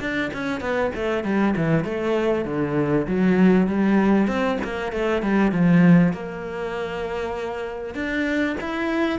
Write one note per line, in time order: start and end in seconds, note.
0.00 0.31 D4
0.33 0.60 C#4
0.60 0.91 B3
0.95 1.24 A3
1.24 1.54 G3
1.57 1.85 E3
1.85 2.45 A3
2.45 3.06 D3
3.07 3.67 F#3
3.67 4.27 G3
4.27 4.58 C4
4.64 4.92 A#3
4.92 5.22 A3
5.22 5.52 G3
5.52 6.13 F3
6.13 7.95 A#3
7.95 8.56 D4
8.60 9.19 E4